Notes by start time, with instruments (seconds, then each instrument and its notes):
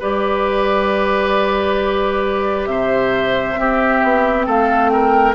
0.00 bassoon G3, clarinet G4, oboe B4, flute D5
2.66 bassoon C3, oboe C5, flute E5
3.56 clarinet C4, bassoon C4, oboe G4
4.03 bassoon B3
4.46 bassoon A3, oboe A4, flute F5
4.89 oboe A#4, flute G5